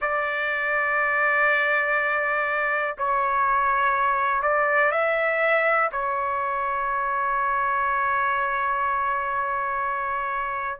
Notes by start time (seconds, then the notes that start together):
0.00 D5
2.98 C#5
4.42 D5
4.91 E5
5.92 C#5